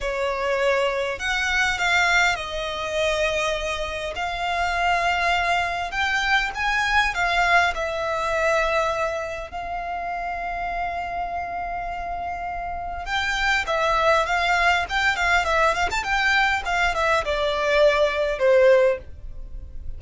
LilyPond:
\new Staff \with { instrumentName = "violin" } { \time 4/4 \tempo 4 = 101 cis''2 fis''4 f''4 | dis''2. f''4~ | f''2 g''4 gis''4 | f''4 e''2. |
f''1~ | f''2 g''4 e''4 | f''4 g''8 f''8 e''8 f''16 a''16 g''4 | f''8 e''8 d''2 c''4 | }